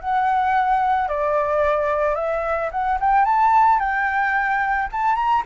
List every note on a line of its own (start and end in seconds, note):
0.00 1.08 F#5
1.08 2.15 D5
2.15 2.70 E5
2.71 2.98 F#5
3.00 3.25 G5
3.25 3.79 A5
3.79 4.88 G5
4.92 5.15 A5
5.15 5.42 A#5